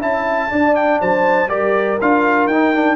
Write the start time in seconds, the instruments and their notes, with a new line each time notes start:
0.00 tuba C#4, trombone E4, horn E5, trumpet A5
0.49 trombone D4, tuba D4, horn D5
0.75 trumpet G5
1.00 tuba F#3, horn C5, trumpet A5
1.48 tuba G3, trombone G4, horn A#4, trumpet D5
2.01 tuba D4, trombone F4, trumpet F5
2.47 tuba D#4, trombone D#4, trumpet G5
2.74 trombone D4